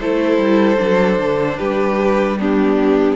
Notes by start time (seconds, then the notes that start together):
0.00 A3 E4 A4 C5
0.38 G3
0.78 F#3 D4
1.19 D3
1.58 G3 G4 B4
2.39 B3 D4 G4